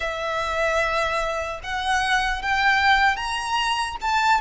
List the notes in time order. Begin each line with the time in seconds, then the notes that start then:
0.00 E5
1.63 F#5
2.41 G5
3.16 A#5
4.01 A5